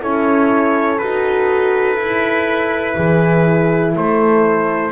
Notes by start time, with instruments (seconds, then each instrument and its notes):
0.00 double bass C#4, horn E4 A4, trumpet C#5
0.98 double bass D#4, horn F#4, trumpet B4
1.96 double bass E4, horn E4
2.95 double bass E3, horn G#4
3.95 double bass A3, horn A4, trumpet C5